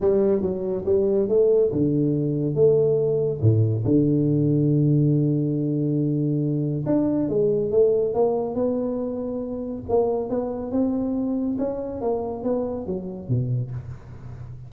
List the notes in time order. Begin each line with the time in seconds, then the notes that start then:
0.01 G3
0.41 F#3
0.85 G3
1.28 A3
1.71 D3
2.54 A3
3.41 A2
3.85 D3
6.86 D4
7.29 G#3
7.71 A3
8.14 A#3
8.54 B3
9.88 A#3
10.29 B3
10.71 C4
11.58 C#4
12.01 A#3
12.43 B3
12.86 F#3
13.28 B2